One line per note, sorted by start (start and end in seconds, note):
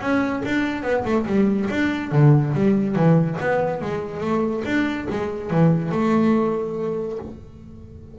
0.00 0.42 C#4
0.45 0.83 D4
0.83 1.04 B3
1.04 1.26 A3
1.26 1.68 G3
1.70 2.11 D4
2.11 2.54 D3
2.54 2.95 G3
2.95 3.37 E3
3.40 3.81 B3
3.81 4.20 G#3
4.20 4.62 A3
4.65 5.07 D4
5.10 5.50 G#3
5.50 5.92 E3
5.92 7.18 A3